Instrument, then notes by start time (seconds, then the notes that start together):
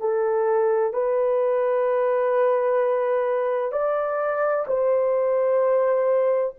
horn
0.00 A4
0.93 B4
3.72 D5
4.67 C5